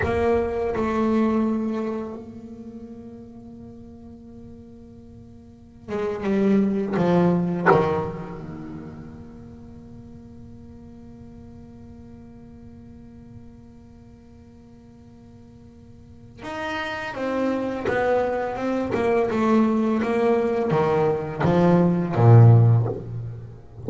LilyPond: \new Staff \with { instrumentName = "double bass" } { \time 4/4 \tempo 4 = 84 ais4 a2 ais4~ | ais1~ | ais16 gis8 g4 f4 dis4 ais16~ | ais1~ |
ais1~ | ais2. dis'4 | c'4 b4 c'8 ais8 a4 | ais4 dis4 f4 ais,4 | }